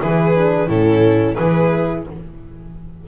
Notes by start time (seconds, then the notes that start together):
0.00 E3 E4 G#4 B4
0.35 D4
0.68 A2 C#4 E4 A4
1.35 E3 E4 G#4 B4